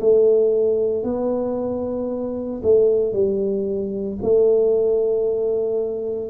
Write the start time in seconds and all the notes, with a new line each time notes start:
0.00 A3
1.04 B3
2.63 A3
3.13 G3
4.22 A3